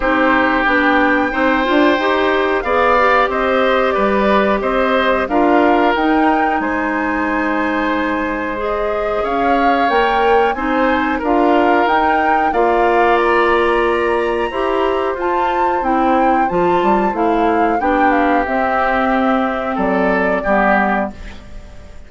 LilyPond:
<<
  \new Staff \with { instrumentName = "flute" } { \time 4/4 \tempo 4 = 91 c''4 g''2. | f''4 dis''4 d''4 dis''4 | f''4 g''4 gis''2~ | gis''4 dis''4 f''4 g''4 |
gis''4 f''4 g''4 f''4 | ais''2. a''4 | g''4 a''4 f''4 g''8 f''8 | e''2 d''2 | }
  \new Staff \with { instrumentName = "oboe" } { \time 4/4 g'2 c''2 | d''4 c''4 b'4 c''4 | ais'2 c''2~ | c''2 cis''2 |
c''4 ais'2 d''4~ | d''2 c''2~ | c''2. g'4~ | g'2 a'4 g'4 | }
  \new Staff \with { instrumentName = "clarinet" } { \time 4/4 dis'4 d'4 dis'8 f'8 g'4 | gis'8 g'2.~ g'8 | f'4 dis'2.~ | dis'4 gis'2 ais'4 |
dis'4 f'4 dis'4 f'4~ | f'2 g'4 f'4 | e'4 f'4 e'4 d'4 | c'2. b4 | }
  \new Staff \with { instrumentName = "bassoon" } { \time 4/4 c'4 b4 c'8 d'8 dis'4 | b4 c'4 g4 c'4 | d'4 dis'4 gis2~ | gis2 cis'4 ais4 |
c'4 d'4 dis'4 ais4~ | ais2 e'4 f'4 | c'4 f8 g8 a4 b4 | c'2 fis4 g4 | }
>>